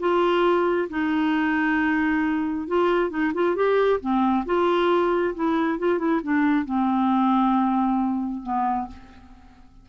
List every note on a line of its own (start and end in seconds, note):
0.00 0.89 F4
0.90 2.68 D#4
2.68 3.11 F4
3.11 3.33 D#4
3.35 3.56 F4
3.56 4.01 G4
4.01 4.45 C4
4.46 5.35 F4
5.35 5.79 E4
5.79 5.99 F4
5.99 6.21 E4
6.23 6.66 D4
6.66 8.43 C4
8.43 8.88 B3